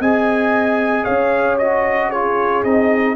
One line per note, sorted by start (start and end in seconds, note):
0.00 1.05 C4
0.00 1.61 G#4
0.00 1.05 D#5
0.00 1.04 G#5
1.04 2.64 C#4
1.04 2.10 C#5
1.04 1.57 F5
1.59 2.14 F#4
1.59 2.11 D#5
2.10 2.65 F4
2.10 3.15 G#4
2.10 2.64 C#5
2.64 3.16 C4
2.64 3.16 D#4
2.64 3.16 D#5